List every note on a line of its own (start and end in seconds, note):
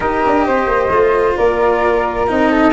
0.00 0.22 D#4
0.00 0.89 G4
0.00 0.46 A#4
0.00 1.33 D#5
0.26 0.47 D4
0.46 0.66 C4
0.46 1.37 C5
0.66 0.89 A#3
0.90 1.35 A3
0.90 2.27 F4
1.36 2.29 A#3
1.36 2.51 A#4
1.36 2.26 D5
2.27 2.73 C4
2.27 2.72 D#4
2.27 2.73 D#5
2.51 2.73 A4